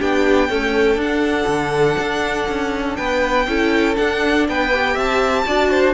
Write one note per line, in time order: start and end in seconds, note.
0.00 0.50 B3
0.00 0.50 D4
0.00 0.50 G4
0.00 1.01 G5
0.50 0.99 A3
0.50 0.96 C#4
0.50 2.98 A4
0.96 1.45 D4
0.96 3.49 D4
0.96 2.96 F#5
1.47 1.97 D3
1.98 2.48 D4
2.49 2.98 C#4
2.96 3.48 B3
2.96 3.47 B4
2.96 3.96 G5
3.48 3.97 C#4
3.48 3.96 E4
3.48 4.49 A4
3.96 4.70 D4
3.96 4.49 D4
3.96 4.47 F#5
4.49 4.97 B3
4.49 4.93 B4
4.49 4.98 G5
4.73 5.46 G4
4.93 5.46 C4
4.93 5.43 E5
4.93 5.94 A5
5.46 5.94 D4
5.46 5.94 F#4
5.46 5.71 D5
5.71 5.94 C5